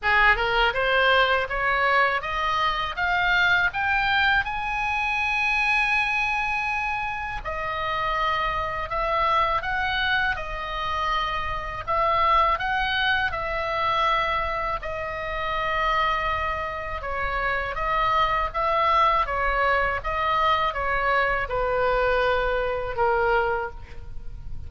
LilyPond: \new Staff \with { instrumentName = "oboe" } { \time 4/4 \tempo 4 = 81 gis'8 ais'8 c''4 cis''4 dis''4 | f''4 g''4 gis''2~ | gis''2 dis''2 | e''4 fis''4 dis''2 |
e''4 fis''4 e''2 | dis''2. cis''4 | dis''4 e''4 cis''4 dis''4 | cis''4 b'2 ais'4 | }